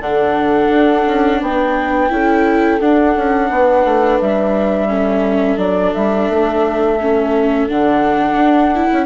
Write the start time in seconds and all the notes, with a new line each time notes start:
0.00 D3 D4 A4 F#5
0.69 D4
1.07 C#4
1.42 B3 B4 G5
2.10 C#4 E4 A4
2.80 D4 F#5
3.16 C#4
3.50 B3 B4
3.85 A3
4.20 G3 E5
4.89 C#4 A4
5.57 F#3 D4 D5
5.94 G3 E5
6.30 A3
7.02 C#4
7.68 D3 D4 F#5
8.36 D4
8.76 E4
8.93 C#4